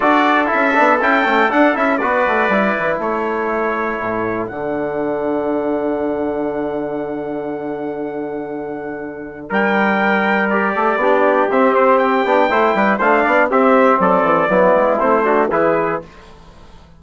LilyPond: <<
  \new Staff \with { instrumentName = "trumpet" } { \time 4/4 \tempo 4 = 120 d''4 e''4 g''4 fis''8 e''8 | d''2 cis''2~ | cis''4 fis''2.~ | fis''1~ |
fis''2. g''4~ | g''4 d''2 e''8 c''8 | g''2 f''4 e''4 | d''2 c''4 b'4 | }
  \new Staff \with { instrumentName = "trumpet" } { \time 4/4 a'1 | b'2 a'2~ | a'1~ | a'1~ |
a'2. ais'4~ | ais'4. a'8 g'2~ | g'4 c''8 b'8 c''8 d''8 g'4 | a'4 e'4. fis'8 gis'4 | }
  \new Staff \with { instrumentName = "trombone" } { \time 4/4 fis'4 e'8 d'8 e'8 cis'8 d'8 e'8 | fis'4 e'2.~ | e'4 d'2.~ | d'1~ |
d'1~ | d'4 g'4 d'4 c'4~ | c'8 d'8 e'4 d'4 c'4~ | c'4 b4 c'8 d'8 e'4 | }
  \new Staff \with { instrumentName = "bassoon" } { \time 4/4 d'4 cis'8 b8 cis'8 a8 d'8 cis'8 | b8 a8 g8 e8 a2 | a,4 d2.~ | d1~ |
d2. g4~ | g4. a8 b4 c'4~ | c'8 b8 a8 g8 a8 b8 c'4 | fis8 e8 fis8 gis8 a4 e4 | }
>>